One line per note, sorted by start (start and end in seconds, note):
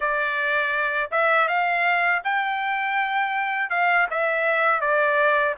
0.00 1.10 D5
1.11 1.47 E5
1.47 2.22 F5
2.24 3.70 G5
3.70 4.07 F5
4.10 4.80 E5
4.80 5.55 D5